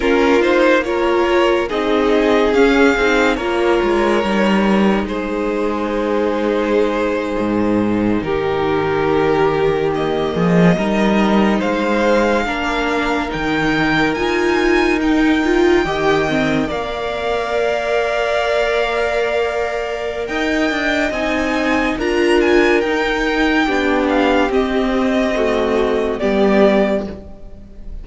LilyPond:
<<
  \new Staff \with { instrumentName = "violin" } { \time 4/4 \tempo 4 = 71 ais'8 c''8 cis''4 dis''4 f''4 | cis''2 c''2~ | c''4.~ c''16 ais'2 dis''16~ | dis''4.~ dis''16 f''2 g''16~ |
g''8. gis''4 g''2 f''16~ | f''1 | g''4 gis''4 ais''8 gis''8 g''4~ | g''8 f''8 dis''2 d''4 | }
  \new Staff \with { instrumentName = "violin" } { \time 4/4 f'4 ais'4 gis'2 | ais'2 gis'2~ | gis'4.~ gis'16 g'2~ g'16~ | g'16 gis'8 ais'4 c''4 ais'4~ ais'16~ |
ais'2~ ais'8. dis''4 d''16~ | d''1 | dis''2 ais'2 | g'2 fis'4 g'4 | }
  \new Staff \with { instrumentName = "viola" } { \time 4/4 cis'8 dis'8 f'4 dis'4 cis'8 dis'8 | f'4 dis'2.~ | dis'2.~ dis'8. ais16~ | ais8. dis'2 d'4 dis'16~ |
dis'8. f'4 dis'8 f'8 g'8 c'8 ais'16~ | ais'1~ | ais'4 dis'4 f'4 dis'4 | d'4 c'4 a4 b4 | }
  \new Staff \with { instrumentName = "cello" } { \time 4/4 ais2 c'4 cis'8 c'8 | ais8 gis8 g4 gis2~ | gis8. gis,4 dis2~ dis16~ | dis16 f8 g4 gis4 ais4 dis16~ |
dis8. dis'2 dis4 ais16~ | ais1 | dis'8 d'8 c'4 d'4 dis'4 | b4 c'2 g4 | }
>>